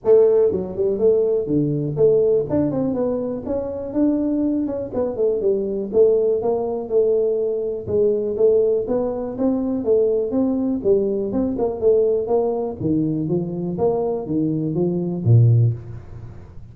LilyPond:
\new Staff \with { instrumentName = "tuba" } { \time 4/4 \tempo 4 = 122 a4 fis8 g8 a4 d4 | a4 d'8 c'8 b4 cis'4 | d'4. cis'8 b8 a8 g4 | a4 ais4 a2 |
gis4 a4 b4 c'4 | a4 c'4 g4 c'8 ais8 | a4 ais4 dis4 f4 | ais4 dis4 f4 ais,4 | }